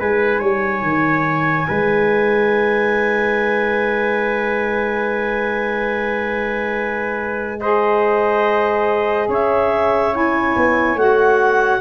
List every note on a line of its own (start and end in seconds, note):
0.00 0.40 G#3
0.00 7.61 D#4
0.00 0.40 B4
0.00 7.60 G#5
0.40 0.83 G3
0.40 1.67 C#5
0.83 1.67 D#3
1.68 9.29 G#3
1.68 7.60 B4
7.60 10.12 G#4
7.60 9.29 C5
7.60 9.29 D#5
9.29 10.55 C#4
9.29 11.81 C#5
9.29 10.15 E5
10.12 10.97 E4
10.12 10.98 G#5
10.56 10.95 B3
10.95 11.80 A3
10.95 11.81 F#4
10.95 11.81 F#5